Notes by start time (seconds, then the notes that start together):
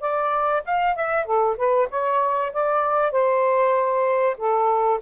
0.00 D5
0.65 F5
0.95 E5
1.25 A4
1.57 B4
1.90 C#5
2.53 D5
3.11 C5
4.37 A4